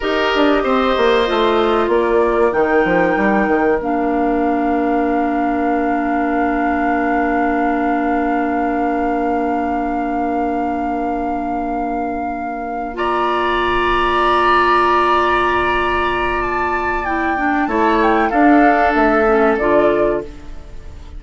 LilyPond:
<<
  \new Staff \with { instrumentName = "flute" } { \time 4/4 \tempo 4 = 95 dis''2. d''4 | g''2 f''2~ | f''1~ | f''1~ |
f''1~ | f''8 ais''2.~ ais''8~ | ais''2 a''4 g''4 | a''8 g''8 f''4 e''4 d''4 | }
  \new Staff \with { instrumentName = "oboe" } { \time 4/4 ais'4 c''2 ais'4~ | ais'1~ | ais'1~ | ais'1~ |
ais'1~ | ais'8 d''2.~ d''8~ | d''1 | cis''4 a'2. | }
  \new Staff \with { instrumentName = "clarinet" } { \time 4/4 g'2 f'2 | dis'2 d'2~ | d'1~ | d'1~ |
d'1~ | d'8 f'2.~ f'8~ | f'2. e'8 d'8 | e'4 d'4. cis'8 f'4 | }
  \new Staff \with { instrumentName = "bassoon" } { \time 4/4 dis'8 d'8 c'8 ais8 a4 ais4 | dis8 f8 g8 dis8 ais2~ | ais1~ | ais1~ |
ais1~ | ais1~ | ais1 | a4 d'4 a4 d4 | }
>>